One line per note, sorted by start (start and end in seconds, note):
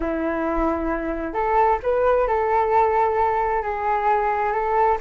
0.00 1.33 E4
1.33 1.79 A4
1.82 2.27 B4
2.27 3.62 A4
3.62 4.52 G#4
4.52 4.98 A4